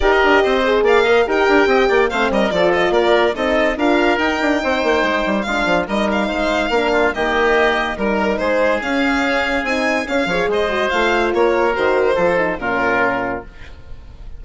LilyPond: <<
  \new Staff \with { instrumentName = "violin" } { \time 4/4 \tempo 4 = 143 dis''2 f''4 g''4~ | g''4 f''8 dis''8 d''8 dis''8 d''4 | dis''4 f''4 g''2~ | g''4 f''4 dis''8 f''4.~ |
f''4 dis''2 ais'4 | c''4 f''2 gis''4 | f''4 dis''4 f''4 cis''4 | c''2 ais'2 | }
  \new Staff \with { instrumentName = "oboe" } { \time 4/4 ais'4 c''4 d''8 dis''8 ais'4 | dis''8 d''8 c''8 ais'8 a'4 ais'4 | a'4 ais'2 c''4~ | c''4 f'4 ais'4 c''4 |
ais'8 f'8 g'2 ais'4 | gis'1~ | gis'8 cis''8 c''2 ais'4~ | ais'4 a'4 f'2 | }
  \new Staff \with { instrumentName = "horn" } { \time 4/4 g'4. gis'4 ais'8 g'4~ | g'4 c'4 f'2 | dis'4 f'4 dis'2~ | dis'4 d'4 dis'2 |
d'4 ais2 dis'4~ | dis'4 cis'2 dis'4 | cis'8 gis'4 fis'8 f'2 | fis'4 f'8 dis'8 cis'2 | }
  \new Staff \with { instrumentName = "bassoon" } { \time 4/4 dis'8 d'8 c'4 ais4 dis'8 d'8 | c'8 ais8 a8 g8 f4 ais4 | c'4 d'4 dis'8 d'8 c'8 ais8 | gis8 g8 gis8 f8 g4 gis4 |
ais4 dis2 g4 | gis4 cis'2 c'4 | cis'8 f8 gis4 a4 ais4 | dis4 f4 ais,2 | }
>>